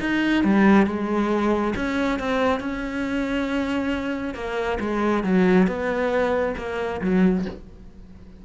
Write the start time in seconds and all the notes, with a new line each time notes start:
0.00 D#4
0.44 G3
0.86 G#3
1.75 C#4
2.19 C4
2.60 C#4
4.34 A#3
4.80 G#3
5.24 F#3
5.67 B3
6.57 A#3
7.01 F#3